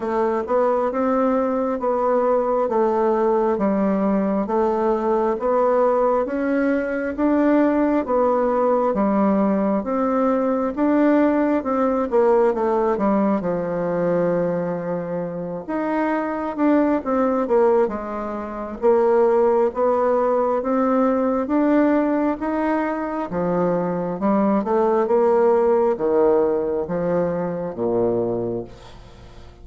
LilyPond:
\new Staff \with { instrumentName = "bassoon" } { \time 4/4 \tempo 4 = 67 a8 b8 c'4 b4 a4 | g4 a4 b4 cis'4 | d'4 b4 g4 c'4 | d'4 c'8 ais8 a8 g8 f4~ |
f4. dis'4 d'8 c'8 ais8 | gis4 ais4 b4 c'4 | d'4 dis'4 f4 g8 a8 | ais4 dis4 f4 ais,4 | }